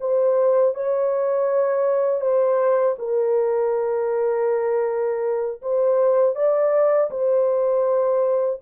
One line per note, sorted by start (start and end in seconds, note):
0.00 0.74 C5
0.74 2.21 C#5
2.21 2.96 C5
2.99 5.61 A#4
5.61 6.35 C5
6.35 7.10 D5
7.10 8.60 C5